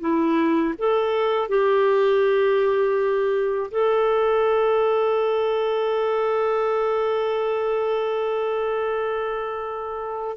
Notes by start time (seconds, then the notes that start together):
0.00 E4
0.78 A4
1.48 G4
3.71 A4